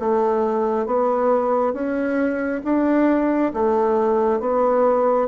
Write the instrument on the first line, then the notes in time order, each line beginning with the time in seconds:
bassoon
0.00 A3
0.86 B3
1.74 C#4
2.64 D4
3.54 A3
4.40 B3